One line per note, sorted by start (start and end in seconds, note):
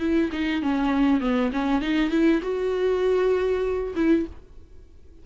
0.00 0.30 E4
0.32 0.62 D#4
0.62 1.20 C#4
1.20 1.51 B3
1.52 1.81 C#4
1.81 2.10 D#4
2.10 2.41 E4
2.42 3.94 F#4
3.96 4.26 E4